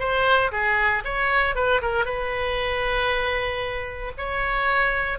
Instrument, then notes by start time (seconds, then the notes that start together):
oboe
0.00 C5
0.52 G#4
1.05 C#5
1.56 B4
1.82 A#4
2.05 B4
4.18 C#5